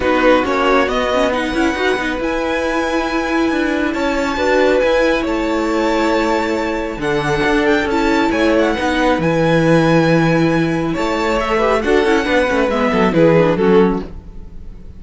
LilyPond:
<<
  \new Staff \with { instrumentName = "violin" } { \time 4/4 \tempo 4 = 137 b'4 cis''4 dis''4 fis''4~ | fis''4 gis''2.~ | gis''4 a''2 gis''4 | a''1 |
fis''4. g''8 a''4 gis''8 fis''8~ | fis''4 gis''2.~ | gis''4 a''4 e''4 fis''4~ | fis''4 e''4 b'4 a'4 | }
  \new Staff \with { instrumentName = "violin" } { \time 4/4 fis'2. b'4~ | b'1~ | b'4 cis''4 b'2 | cis''1 |
a'2. cis''4 | b'1~ | b'4 cis''4. b'8 a'4 | b'4. a'8 gis'4 fis'4 | }
  \new Staff \with { instrumentName = "viola" } { \time 4/4 dis'4 cis'4 b8 cis'8 dis'8 e'8 | fis'8 dis'8 e'2.~ | e'2 fis'4 e'4~ | e'1 |
d'2 e'2 | dis'4 e'2.~ | e'2 a'8 g'8 fis'8 e'8 | d'8 cis'8 b4 e'8 d'8 cis'4 | }
  \new Staff \with { instrumentName = "cello" } { \time 4/4 b4 ais4 b4. cis'8 | dis'8 b8 e'2. | d'4 cis'4 d'4 e'4 | a1 |
d4 d'4 cis'4 a4 | b4 e2.~ | e4 a2 d'8 cis'8 | b8 a8 gis8 fis8 e4 fis4 | }
>>